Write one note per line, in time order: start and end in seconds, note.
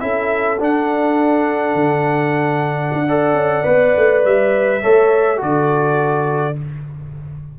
0.00 0.59 C#4
0.00 0.58 E4
0.00 3.07 A4
0.00 0.59 E5
0.59 1.74 D4
0.59 3.08 D4
0.59 4.25 F#5
1.74 2.91 D3
2.93 3.34 D4
3.07 3.64 A4
3.07 4.82 D5
3.34 3.63 C#4
3.64 3.95 B3
3.64 4.80 B4
3.97 4.25 A3
4.25 4.83 G3
4.25 5.42 E5
4.82 5.42 A3
4.82 5.37 A4
4.82 5.40 C#5
5.37 6.59 D3
5.37 6.53 F#4
5.37 6.57 A4
5.37 6.59 D5